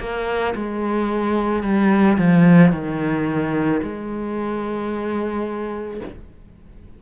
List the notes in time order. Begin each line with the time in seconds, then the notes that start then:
0.00 A#3
0.56 G#3
1.63 G3
2.18 F3
2.72 D#3
3.83 G#3